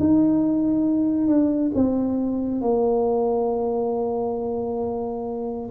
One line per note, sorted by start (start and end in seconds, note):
0.00 1.28 D#4
1.28 1.72 D4
1.75 2.62 C4
2.62 5.71 A#3